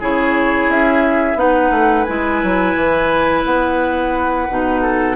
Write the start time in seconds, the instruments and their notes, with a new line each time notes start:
0.00 bassoon C#3, clarinet E4, oboe G#4, flute C#5
0.68 bassoon C#4, flute E5
1.35 bassoon B3, clarinet D#4, oboe B4, flute F#5
1.71 bassoon A3
2.04 bassoon G#3, clarinet E4, flute G#5
2.43 bassoon F#3
2.76 bassoon E3
3.45 bassoon B3, flute F#5
4.49 bassoon B2, clarinet D#4
4.82 oboe A4